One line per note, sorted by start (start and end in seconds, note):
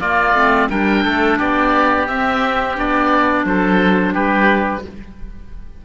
0.00 0.34 A#3
0.00 0.36 A#3
0.00 0.69 F4
0.00 0.70 D5
0.34 0.69 A3
0.34 0.70 C4
0.70 1.05 G3
0.70 2.08 D4
0.70 1.05 A#4
0.70 1.39 G5
1.05 1.40 A3
1.05 1.38 A4
1.38 2.09 B3
1.38 3.45 G4
1.38 2.08 D5
2.08 2.75 C4
2.08 2.78 C4
2.08 2.77 E5
2.75 3.45 B3
2.75 4.82 D4
2.75 3.46 D5
3.45 4.14 F#3
3.45 4.14 A4
3.45 4.15 C5
4.14 4.85 G3
4.14 4.83 G4
4.14 4.84 B4